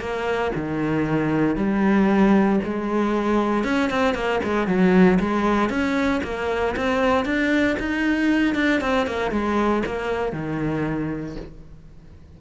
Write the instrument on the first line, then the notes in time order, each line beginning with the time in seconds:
cello
0.00 A#3
0.55 D#3
1.56 G3
2.64 G#3
3.64 C#4
3.90 C4
4.14 A#3
4.44 G#3
4.67 F#3
5.19 G#3
5.70 C#4
6.24 A#3
6.76 C4
7.25 D4
7.79 D#4
8.55 D4
8.81 C4
9.07 A#3
9.31 G#3
9.86 A#3
10.33 D#3